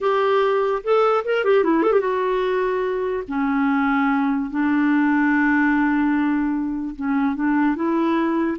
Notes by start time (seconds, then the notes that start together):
0.00 G4
0.83 A4
1.24 A#4
1.44 G4
1.64 E4
1.83 A4
1.92 G4
2.01 F#4
3.28 C#4
4.50 D4
6.95 C#4
7.35 D4
7.75 E4